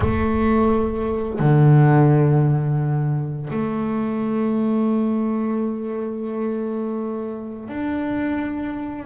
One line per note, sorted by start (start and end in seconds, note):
0.00 1.39 A3
1.39 3.48 D3
3.50 7.68 A3
7.68 9.05 D4